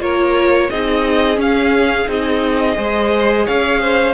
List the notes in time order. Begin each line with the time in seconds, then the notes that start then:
0.00 A#3 F4 A#4 C#5
0.70 C4 D#4 G#4 D#5
1.36 C#4 F5
2.07 C4 D#4 D#5
2.75 G#3 G#4 C5
3.46 C#4 C#5 F5
3.81 C5